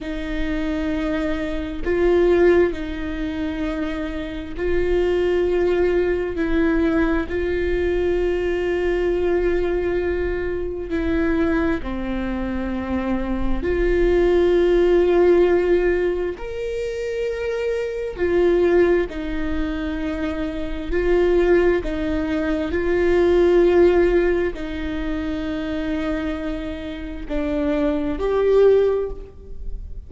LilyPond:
\new Staff \with { instrumentName = "viola" } { \time 4/4 \tempo 4 = 66 dis'2 f'4 dis'4~ | dis'4 f'2 e'4 | f'1 | e'4 c'2 f'4~ |
f'2 ais'2 | f'4 dis'2 f'4 | dis'4 f'2 dis'4~ | dis'2 d'4 g'4 | }